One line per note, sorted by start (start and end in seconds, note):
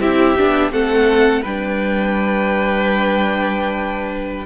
0.00 0.36 C4
0.00 0.37 E4
0.00 0.72 G4
0.00 0.72 E5
0.37 0.72 B3
0.37 0.71 D4
0.71 1.43 A3
0.71 1.43 C4
0.71 1.43 A4
0.71 1.44 F#5
1.43 4.46 G3
1.43 4.46 D4
1.43 4.46 B4
1.43 4.46 G5